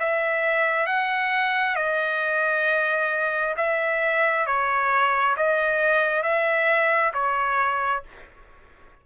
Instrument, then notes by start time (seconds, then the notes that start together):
trumpet
0.00 E5
0.87 F#5
1.76 D#5
3.57 E5
4.47 C#5
5.37 D#5
6.23 E5
7.14 C#5